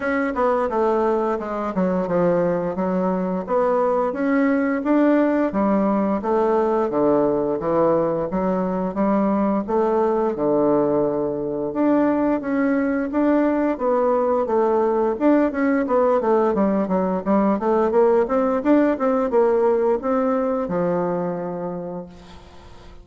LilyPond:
\new Staff \with { instrumentName = "bassoon" } { \time 4/4 \tempo 4 = 87 cis'8 b8 a4 gis8 fis8 f4 | fis4 b4 cis'4 d'4 | g4 a4 d4 e4 | fis4 g4 a4 d4~ |
d4 d'4 cis'4 d'4 | b4 a4 d'8 cis'8 b8 a8 | g8 fis8 g8 a8 ais8 c'8 d'8 c'8 | ais4 c'4 f2 | }